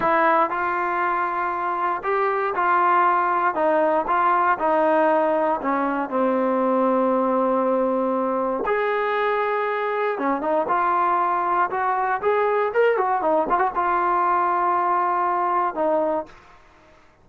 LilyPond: \new Staff \with { instrumentName = "trombone" } { \time 4/4 \tempo 4 = 118 e'4 f'2. | g'4 f'2 dis'4 | f'4 dis'2 cis'4 | c'1~ |
c'4 gis'2. | cis'8 dis'8 f'2 fis'4 | gis'4 ais'8 fis'8 dis'8 f'16 fis'16 f'4~ | f'2. dis'4 | }